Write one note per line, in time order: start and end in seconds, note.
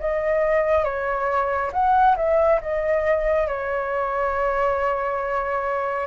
0.00 0.85 D#5
0.85 1.72 C#5
1.73 2.17 F#5
2.17 2.60 E5
2.62 3.48 D#5
3.48 6.08 C#5